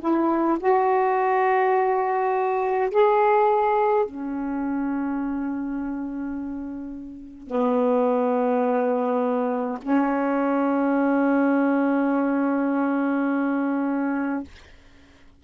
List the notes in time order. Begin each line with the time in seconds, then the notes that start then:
0.00 E4
0.59 F#4
2.91 G#4
4.05 C#4
7.47 B3
9.81 C#4